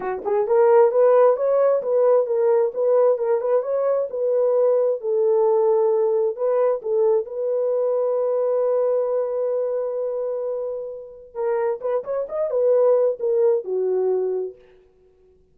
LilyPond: \new Staff \with { instrumentName = "horn" } { \time 4/4 \tempo 4 = 132 fis'8 gis'8 ais'4 b'4 cis''4 | b'4 ais'4 b'4 ais'8 b'8 | cis''4 b'2 a'4~ | a'2 b'4 a'4 |
b'1~ | b'1~ | b'4 ais'4 b'8 cis''8 dis''8 b'8~ | b'4 ais'4 fis'2 | }